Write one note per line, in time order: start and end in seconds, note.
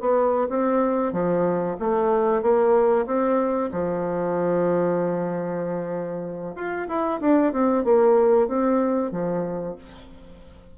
0.00 0.48 B3
0.49 1.13 C4
1.13 1.77 F3
1.79 2.42 A3
2.42 3.06 A#3
3.06 3.70 C4
3.72 6.55 F3
6.55 6.87 F4
6.88 7.20 E4
7.21 7.53 D4
7.53 7.84 C4
7.84 8.48 A#3
8.48 9.12 C4
9.12 9.75 F3